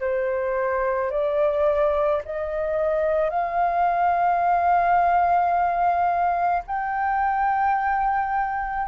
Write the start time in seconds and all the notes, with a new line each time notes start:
0.00 C5
1.10 D5
2.25 D#5
3.29 F5
6.67 G5